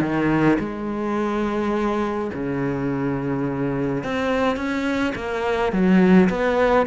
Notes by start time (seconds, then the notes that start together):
0.00 D#3
0.59 G#3
2.33 C#3
4.03 C4
4.56 C#4
5.15 A#3
5.72 F#3
6.30 B3